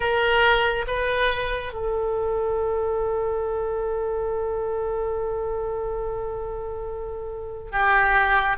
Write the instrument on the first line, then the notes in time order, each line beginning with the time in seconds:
oboe
0.00 A#4
0.87 B4
1.72 A4
7.71 G4